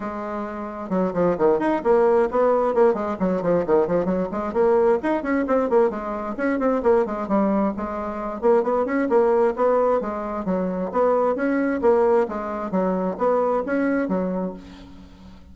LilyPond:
\new Staff \with { instrumentName = "bassoon" } { \time 4/4 \tempo 4 = 132 gis2 fis8 f8 dis8 dis'8 | ais4 b4 ais8 gis8 fis8 f8 | dis8 f8 fis8 gis8 ais4 dis'8 cis'8 | c'8 ais8 gis4 cis'8 c'8 ais8 gis8 |
g4 gis4. ais8 b8 cis'8 | ais4 b4 gis4 fis4 | b4 cis'4 ais4 gis4 | fis4 b4 cis'4 fis4 | }